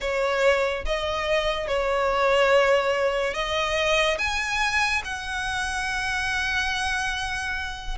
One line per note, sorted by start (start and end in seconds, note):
0.00 0.84 C#5
0.85 1.67 D#5
1.67 3.34 C#5
3.34 4.17 D#5
4.18 5.02 G#5
5.04 7.98 F#5